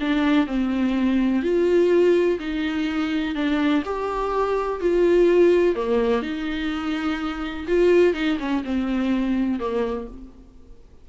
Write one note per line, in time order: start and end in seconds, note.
0.00 0.46 D4
0.46 1.42 C4
1.42 2.38 F4
2.40 3.35 D#4
3.35 3.83 D4
3.85 4.81 G4
4.81 5.76 F4
5.76 6.22 A#3
6.22 7.66 D#4
7.67 8.14 F4
8.14 8.38 D#4
8.39 8.63 C#4
8.64 9.59 C4
9.59 10.07 A#3